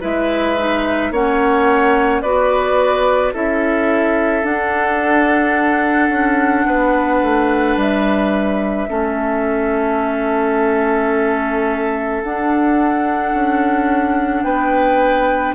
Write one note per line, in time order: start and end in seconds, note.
0.00 1.10 G#3
0.00 0.56 E4
0.00 1.11 B4
0.00 1.13 E5
0.57 1.13 D#4
1.10 2.22 A#3
1.10 2.24 C#4
1.10 2.22 C#5
1.10 2.21 F#5
2.21 3.33 B3
2.21 3.33 F#4
2.21 3.33 B4
2.21 3.32 D5
3.33 4.43 C#4
3.33 4.43 E4
3.33 6.66 A4
3.33 4.45 E5
4.43 8.87 D4
4.43 6.09 D4
4.43 7.78 F#5
6.09 6.64 C#4
6.66 7.21 B3
6.66 8.89 B4
7.22 7.76 A3
7.76 8.87 G3
7.76 12.23 E5
8.88 12.23 A3
8.88 12.22 C#4
8.88 14.44 A4
12.23 13.33 D4
12.23 15.55 D4
12.23 14.43 F#5
13.33 14.43 C#4
14.43 15.54 B3
14.43 15.55 B4
14.43 15.54 G5